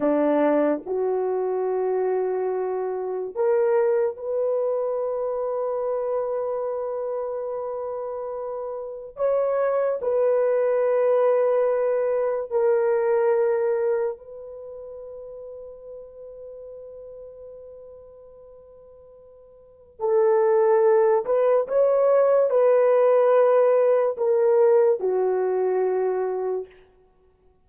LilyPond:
\new Staff \with { instrumentName = "horn" } { \time 4/4 \tempo 4 = 72 d'4 fis'2. | ais'4 b'2.~ | b'2. cis''4 | b'2. ais'4~ |
ais'4 b'2.~ | b'1 | a'4. b'8 cis''4 b'4~ | b'4 ais'4 fis'2 | }